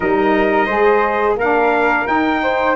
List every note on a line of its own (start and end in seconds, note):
0.00 0.67 G3
0.00 0.69 D#4
0.00 0.65 A#4
0.00 1.36 D#5
0.65 1.36 G#3
0.65 1.37 G#4
0.65 1.34 C5
1.36 2.05 A#3
1.36 2.06 D4
1.36 2.41 A#4
1.36 2.07 F5
2.06 2.75 D#4
2.06 2.76 D#4
2.06 2.76 G5
2.42 2.76 C5